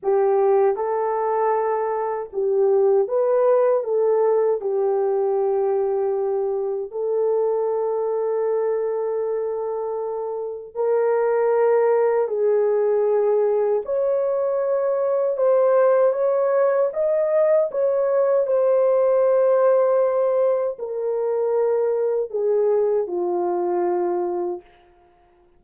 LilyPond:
\new Staff \with { instrumentName = "horn" } { \time 4/4 \tempo 4 = 78 g'4 a'2 g'4 | b'4 a'4 g'2~ | g'4 a'2.~ | a'2 ais'2 |
gis'2 cis''2 | c''4 cis''4 dis''4 cis''4 | c''2. ais'4~ | ais'4 gis'4 f'2 | }